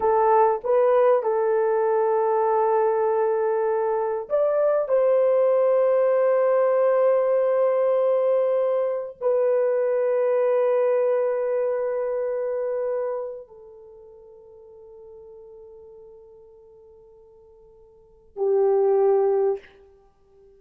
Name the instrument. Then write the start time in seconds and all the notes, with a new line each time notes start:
horn
0.00 A4
0.63 B4
1.22 A4
4.29 D5
4.88 C5
9.21 B4
13.47 A4
18.36 G4